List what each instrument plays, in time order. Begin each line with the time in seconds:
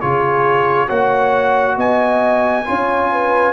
0.00 tuba C#3, trombone F4, horn G#4, trumpet C#5
0.86 tuba A#3, trombone F#4, horn C#5, trumpet F#5
1.77 tuba B3, horn D#5, trumpet G#5
2.66 tuba C#4, trombone F4, horn C#5
3.11 horn B4